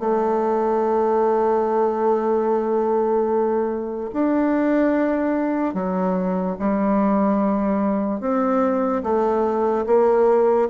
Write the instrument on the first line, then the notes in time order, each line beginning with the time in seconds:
bassoon
0.00 A3
4.14 D4
5.75 F#3
6.60 G3
8.21 C4
9.03 A3
9.87 A#3